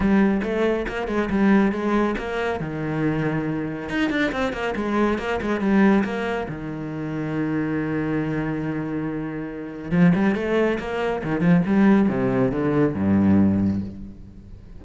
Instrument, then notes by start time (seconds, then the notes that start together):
cello
0.00 G3
0.43 A3
0.88 A#3
1.07 G#3
1.30 G3
1.71 G#3
2.18 A#3
2.60 D#3
3.89 D#4
4.10 D4
4.32 C4
4.52 A#3
4.75 G#3
5.18 A#3
5.41 G#3
5.60 G3
6.04 A#3
6.48 D#3
9.91 F3
10.15 G3
10.35 A3
10.79 A#3
11.23 D#3
11.40 F3
11.66 G3
12.09 C3
12.51 D3
12.94 G2